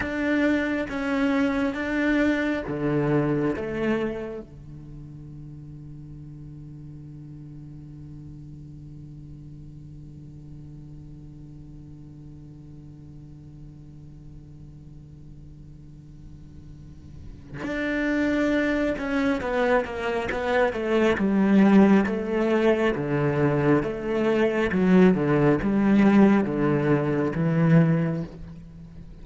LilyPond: \new Staff \with { instrumentName = "cello" } { \time 4/4 \tempo 4 = 68 d'4 cis'4 d'4 d4 | a4 d2.~ | d1~ | d1~ |
d1 | d'4. cis'8 b8 ais8 b8 a8 | g4 a4 d4 a4 | fis8 d8 g4 d4 e4 | }